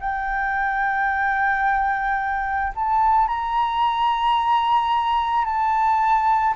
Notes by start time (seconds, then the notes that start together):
0.00 G5
2.75 A5
3.28 A#5
5.45 A5